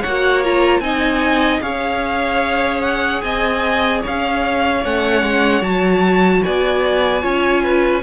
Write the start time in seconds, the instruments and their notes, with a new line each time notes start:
0.00 cello A#3, violin C#5 F#5
0.07 viola F#4
0.44 viola F4, violin A#5
0.80 cello C4, viola D#4, violin D#5 G#5
1.61 cello C#4, viola G#4, violin C#5 F5
2.81 violin F#5
3.22 cello C4, violin D#5 G#5
4.01 cello C#4, violin C#5 F5
4.84 cello A3, viola C#4, violin F#5
5.23 cello G#3
5.62 cello F#3, viola F#4, violin A5
6.44 cello B3, violin D5 G#5
7.21 cello C#4, viola F4, violin C#5
7.63 violin B4